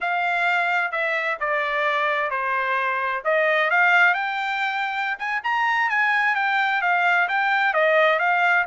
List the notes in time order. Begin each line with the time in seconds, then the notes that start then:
0.01 F5
0.91 E5
1.40 D5
2.30 C5
3.24 D#5
3.70 F5
4.13 G5
5.18 G#5
5.43 A#5
5.89 G#5
6.35 G5
6.81 F5
7.28 G5
7.73 D#5
8.19 F5